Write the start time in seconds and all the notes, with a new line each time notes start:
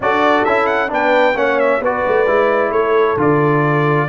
0.00 D4 F#4 A4 D5
0.44 C#4 E4 E5
0.66 F#5
0.88 B3 D4 B4 G5
1.35 A#3 C#4 C#5 F#5
1.59 E5
1.80 B3 F#4 B4 D5
2.06 A3
2.26 G#3 E4
2.71 A3 A4 C#5
3.16 D3 F4 D5